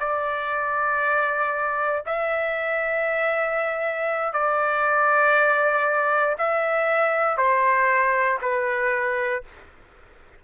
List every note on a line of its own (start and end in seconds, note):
0.00 2.03 D5
2.07 4.34 E5
4.34 6.37 D5
6.38 7.38 E5
7.38 8.39 C5
8.42 9.44 B4